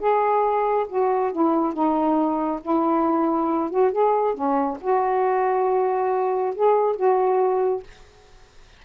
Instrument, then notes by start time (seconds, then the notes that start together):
saxophone
0.00 G#4
0.89 F#4
1.33 E4
1.74 D#4
2.62 E4
3.71 F#4
3.92 G#4
4.34 C#4
4.81 F#4
6.56 G#4
6.96 F#4